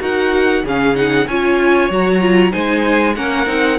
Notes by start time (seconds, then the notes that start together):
0.00 D#4 F#4 A#4 F#5
0.64 C#3 C#4 G#4 F5
0.95 D#4 F#5
1.28 C#4 F4 C#5 G#5
1.90 F#3 F#4 A#5
2.21 F4
2.52 G#3 D#4 C5 G#5
3.16 A#3 C#4 A#4 F#5
3.47 C4 D#4